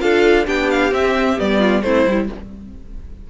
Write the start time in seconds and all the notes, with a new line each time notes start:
0.00 D4 F4 A4 F5
0.47 B3 D4 G4 G5
0.71 F5
0.92 C4 E5
1.37 G3 B3 D5
1.59 F4
1.82 A3 C4 E4 C5
2.07 G3 E4